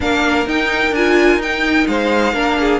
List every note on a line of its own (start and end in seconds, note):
0.00 0.46 A#3
0.00 0.46 D4
0.00 1.89 A#4
0.00 0.48 F5
0.46 0.91 D#4
0.46 0.94 D#4
0.46 0.94 G5
0.91 1.37 D4
0.91 1.41 F4
0.91 1.41 G#5
1.37 1.83 D#4
1.37 2.34 D#4
1.37 1.87 G5
1.87 2.33 G#3
1.87 2.33 C5
1.87 2.80 F5
2.33 2.79 A#3
2.33 2.80 D4
2.33 2.57 A#4
2.59 2.80 G#4